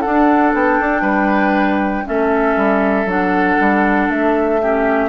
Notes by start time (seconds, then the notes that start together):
0.00 D4 A4 F#5
0.53 B3 G5
0.80 D4
1.01 G3 B4
2.05 A3 C#4 A4 E5
2.56 G3
3.05 F#3 D4 F#5
3.60 G3
4.08 A3 E5
4.61 C#4 G4